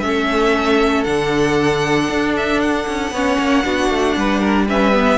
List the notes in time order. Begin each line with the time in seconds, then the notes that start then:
0.00 A3 C#4 E5
0.07 A4
1.03 D3 D4 F#5
2.09 D4
2.37 E5
2.60 F#5
2.87 C#4
3.11 B3 C#4 C#5
3.39 A#3
3.64 B3 D4 F#4
3.90 A3
4.16 G3 B4
4.39 A#4
4.67 C#4 B4 E5
4.93 B3